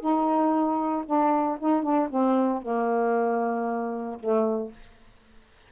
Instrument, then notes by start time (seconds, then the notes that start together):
saxophone
0.00 D#4
1.06 D4
1.59 D#4
1.83 D4
2.10 C4
2.62 A#3
4.20 A3